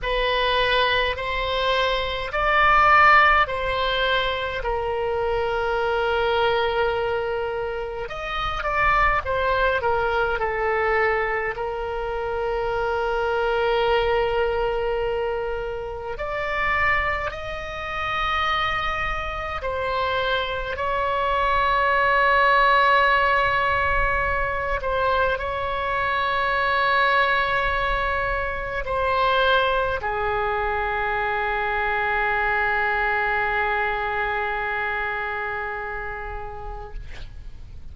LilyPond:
\new Staff \with { instrumentName = "oboe" } { \time 4/4 \tempo 4 = 52 b'4 c''4 d''4 c''4 | ais'2. dis''8 d''8 | c''8 ais'8 a'4 ais'2~ | ais'2 d''4 dis''4~ |
dis''4 c''4 cis''2~ | cis''4. c''8 cis''2~ | cis''4 c''4 gis'2~ | gis'1 | }